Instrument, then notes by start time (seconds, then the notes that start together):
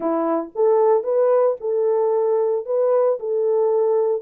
horn
0.00 E4
0.55 A4
1.03 B4
1.60 A4
2.65 B4
3.19 A4